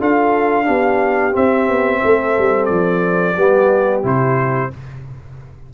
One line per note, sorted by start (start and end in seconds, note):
0.00 0.68 D4
0.00 0.65 F4
0.00 0.66 A4
0.00 1.36 F5
0.65 1.36 B3
0.65 1.32 D4
0.65 2.01 G4
1.32 3.34 C4
1.32 1.68 C4
1.32 2.65 E5
1.68 2.02 B3
2.04 2.38 A3
2.04 3.37 A4
2.38 2.70 G3
2.65 3.37 F3
2.65 4.00 D5
3.37 4.04 G3
3.37 4.03 B3
3.37 4.72 G4
4.03 4.71 C3
4.03 4.70 E4
4.03 4.74 C5